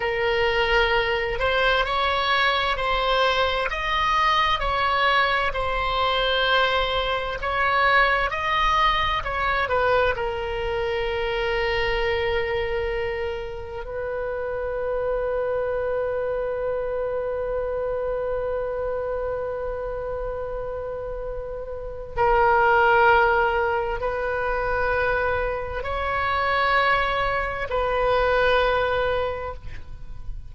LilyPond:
\new Staff \with { instrumentName = "oboe" } { \time 4/4 \tempo 4 = 65 ais'4. c''8 cis''4 c''4 | dis''4 cis''4 c''2 | cis''4 dis''4 cis''8 b'8 ais'4~ | ais'2. b'4~ |
b'1~ | b'1 | ais'2 b'2 | cis''2 b'2 | }